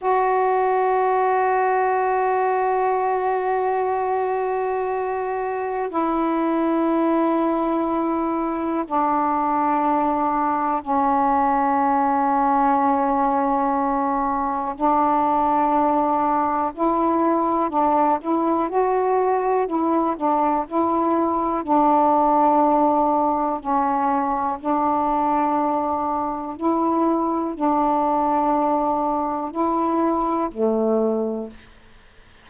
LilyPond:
\new Staff \with { instrumentName = "saxophone" } { \time 4/4 \tempo 4 = 61 fis'1~ | fis'2 e'2~ | e'4 d'2 cis'4~ | cis'2. d'4~ |
d'4 e'4 d'8 e'8 fis'4 | e'8 d'8 e'4 d'2 | cis'4 d'2 e'4 | d'2 e'4 a4 | }